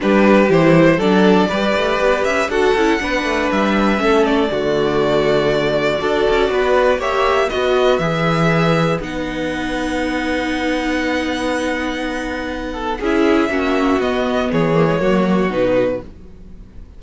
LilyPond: <<
  \new Staff \with { instrumentName = "violin" } { \time 4/4 \tempo 4 = 120 b'4 c''4 d''2~ | d''8 e''8 fis''2 e''4~ | e''8 d''2.~ d''8~ | d''2 e''4 dis''4 |
e''2 fis''2~ | fis''1~ | fis''2 e''2 | dis''4 cis''2 b'4 | }
  \new Staff \with { instrumentName = "violin" } { \time 4/4 g'2 a'4 b'4~ | b'4 a'4 b'2 | a'4 fis'2. | a'4 b'4 cis''4 b'4~ |
b'1~ | b'1~ | b'4. a'8 gis'4 fis'4~ | fis'4 gis'4 fis'2 | }
  \new Staff \with { instrumentName = "viola" } { \time 4/4 d'4 e'4 d'4 g'4~ | g'4 fis'8 e'8 d'2 | cis'4 a2. | fis'2 g'4 fis'4 |
gis'2 dis'2~ | dis'1~ | dis'2 e'4 cis'4 | b4. ais16 gis16 ais4 dis'4 | }
  \new Staff \with { instrumentName = "cello" } { \time 4/4 g4 e4 fis4 g8 a8 | b8 cis'8 d'8 cis'8 b8 a8 g4 | a4 d2. | d'8 cis'8 b4 ais4 b4 |
e2 b2~ | b1~ | b2 cis'4 ais4 | b4 e4 fis4 b,4 | }
>>